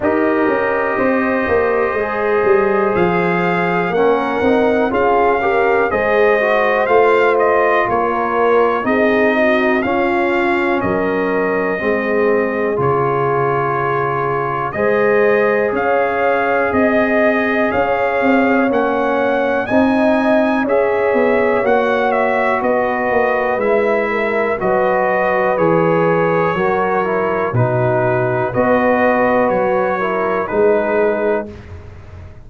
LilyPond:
<<
  \new Staff \with { instrumentName = "trumpet" } { \time 4/4 \tempo 4 = 61 dis''2. f''4 | fis''4 f''4 dis''4 f''8 dis''8 | cis''4 dis''4 f''4 dis''4~ | dis''4 cis''2 dis''4 |
f''4 dis''4 f''4 fis''4 | gis''4 e''4 fis''8 e''8 dis''4 | e''4 dis''4 cis''2 | b'4 dis''4 cis''4 b'4 | }
  \new Staff \with { instrumentName = "horn" } { \time 4/4 ais'4 c''2. | ais'4 gis'8 ais'8 c''2 | ais'4 gis'8 fis'8 f'4 ais'4 | gis'2. c''4 |
cis''4 dis''4 cis''2 | dis''4 cis''2 b'4~ | b'8 ais'8 b'2 ais'4 | fis'4 b'4. ais'8 gis'4 | }
  \new Staff \with { instrumentName = "trombone" } { \time 4/4 g'2 gis'2 | cis'8 dis'8 f'8 g'8 gis'8 fis'8 f'4~ | f'4 dis'4 cis'2 | c'4 f'2 gis'4~ |
gis'2. cis'4 | dis'4 gis'4 fis'2 | e'4 fis'4 gis'4 fis'8 e'8 | dis'4 fis'4. e'8 dis'4 | }
  \new Staff \with { instrumentName = "tuba" } { \time 4/4 dis'8 cis'8 c'8 ais8 gis8 g8 f4 | ais8 c'8 cis'4 gis4 a4 | ais4 c'4 cis'4 fis4 | gis4 cis2 gis4 |
cis'4 c'4 cis'8 c'8 ais4 | c'4 cis'8 b8 ais4 b8 ais8 | gis4 fis4 e4 fis4 | b,4 b4 fis4 gis4 | }
>>